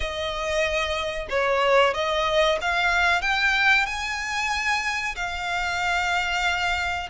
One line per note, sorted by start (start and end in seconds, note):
0.00 1.27 D#5
1.29 1.94 C#5
1.94 2.58 D#5
2.61 3.21 F5
3.21 3.86 G5
3.86 5.15 G#5
5.15 7.09 F5